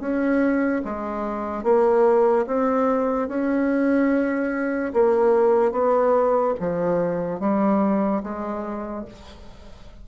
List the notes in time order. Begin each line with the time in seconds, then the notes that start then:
0.00 C#4
0.85 G#3
1.64 A#3
2.47 C4
3.29 C#4
4.94 A#3
5.72 B3
6.61 F3
7.40 G3
8.23 G#3